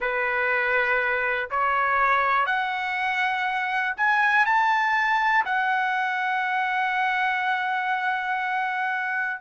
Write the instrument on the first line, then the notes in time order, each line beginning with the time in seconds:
trumpet
0.00 B4
1.50 C#5
2.45 F#5
3.97 G#5
4.45 A5
5.45 F#5